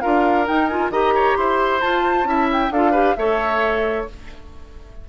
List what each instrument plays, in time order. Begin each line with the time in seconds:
0.00 bassoon D4, clarinet F4, oboe A#4, flute F5
0.46 clarinet D#4, bassoon D#4, flute G5
0.67 clarinet F4, flute G#5
0.90 bassoon D#3, clarinet G4, oboe D#5, flute A#5
1.15 oboe C#5
1.37 bassoon E4, oboe C5, flute C6
1.81 clarinet F4, bassoon F4, flute A5
2.24 bassoon C#4, clarinet E4, oboe E5
2.52 flute G5
2.71 bassoon D4, clarinet F4, oboe A4, flute F5
2.91 clarinet G4, oboe B4
3.16 bassoon A3, clarinet A4, oboe C#5, flute E5